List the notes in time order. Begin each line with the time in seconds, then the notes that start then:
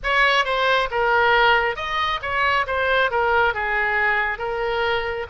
0.03 C#5
0.44 C5
0.91 A#4
1.76 D#5
2.21 C#5
2.67 C5
3.10 A#4
3.53 G#4
4.38 A#4